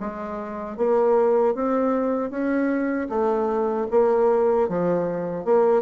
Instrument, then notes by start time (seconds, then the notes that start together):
bassoon
0.00 G#3
0.77 A#3
1.55 C4
2.30 C#4
3.09 A3
3.91 A#3
4.69 F3
5.45 A#3